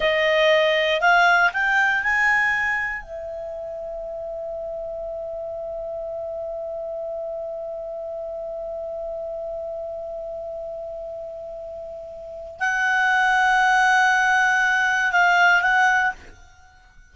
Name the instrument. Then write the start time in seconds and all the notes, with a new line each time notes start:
clarinet
0.00 D#5
1.00 F5
1.53 G5
2.03 G#5
3.02 E5
12.60 F#5
15.11 F5
15.62 F#5